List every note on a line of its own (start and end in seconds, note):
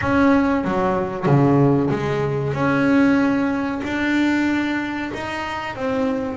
0.01 0.64 C#4
0.64 1.26 F#3
1.26 1.90 C#3
1.90 2.53 G#3
2.53 3.81 C#4
3.84 5.11 D4
5.14 5.75 D#4
5.75 6.37 C4